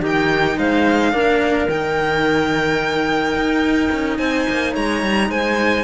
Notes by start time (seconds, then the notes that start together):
0.00 D#3 D#4 G4 G5
0.58 G#3 C5 F5
1.12 A#3 D4 A#4
1.67 D#3 D#4 G5
3.34 D#4
3.91 C#4
4.17 C4 C5 G#5
4.49 A#3
4.73 G#3 C#5 A#5
5.02 G3
5.29 G#3 C5 G#5